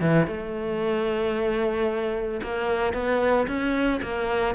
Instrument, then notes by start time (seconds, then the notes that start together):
cello
0.00 E3
0.27 A3
2.42 A#3
2.93 B3
3.47 C#4
4.02 A#3